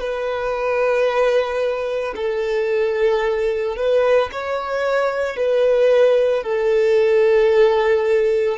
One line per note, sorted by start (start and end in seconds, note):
0.00 2.14 B4
2.16 3.77 A4
3.77 4.31 B4
4.32 5.37 C#5
5.37 6.44 B4
6.44 8.58 A4